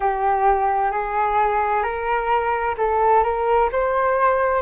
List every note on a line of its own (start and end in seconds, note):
0.00 0.91 G4
0.91 1.83 G#4
1.83 2.75 A#4
2.77 3.23 A4
3.23 3.69 A#4
3.72 4.62 C5